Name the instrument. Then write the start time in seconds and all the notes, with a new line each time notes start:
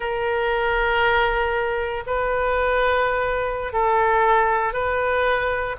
oboe
0.00 A#4
2.06 B4
3.72 A4
4.73 B4